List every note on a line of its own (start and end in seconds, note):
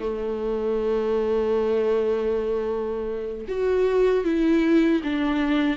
0.00 3.46 A3
3.49 4.25 F#4
4.25 5.02 E4
5.04 5.77 D4